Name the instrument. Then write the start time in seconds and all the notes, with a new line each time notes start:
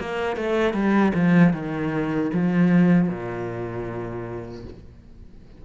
cello
0.00 A#3
0.36 A3
0.73 G3
1.14 F3
1.53 D#3
2.33 F3
3.09 A#2